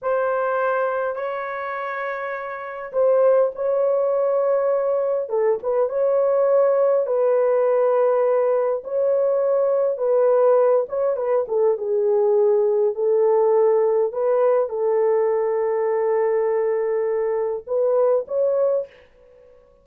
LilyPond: \new Staff \with { instrumentName = "horn" } { \time 4/4 \tempo 4 = 102 c''2 cis''2~ | cis''4 c''4 cis''2~ | cis''4 a'8 b'8 cis''2 | b'2. cis''4~ |
cis''4 b'4. cis''8 b'8 a'8 | gis'2 a'2 | b'4 a'2.~ | a'2 b'4 cis''4 | }